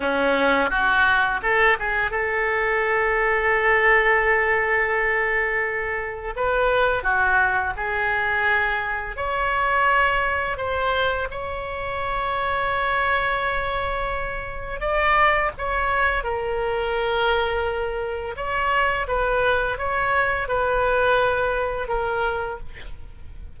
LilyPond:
\new Staff \with { instrumentName = "oboe" } { \time 4/4 \tempo 4 = 85 cis'4 fis'4 a'8 gis'8 a'4~ | a'1~ | a'4 b'4 fis'4 gis'4~ | gis'4 cis''2 c''4 |
cis''1~ | cis''4 d''4 cis''4 ais'4~ | ais'2 cis''4 b'4 | cis''4 b'2 ais'4 | }